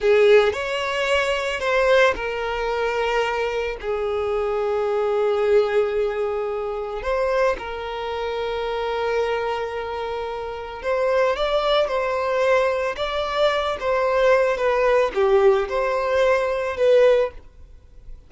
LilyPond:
\new Staff \with { instrumentName = "violin" } { \time 4/4 \tempo 4 = 111 gis'4 cis''2 c''4 | ais'2. gis'4~ | gis'1~ | gis'4 c''4 ais'2~ |
ais'1 | c''4 d''4 c''2 | d''4. c''4. b'4 | g'4 c''2 b'4 | }